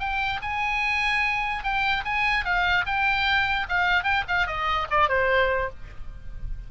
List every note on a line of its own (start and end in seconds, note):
0.00 0.41 G5
0.42 1.64 G#5
1.64 2.04 G5
2.05 2.45 G#5
2.45 2.86 F5
2.86 3.67 G5
3.69 4.04 F5
4.04 4.24 G5
4.28 4.47 F5
4.47 4.88 D#5
4.91 5.09 D5
5.09 5.70 C5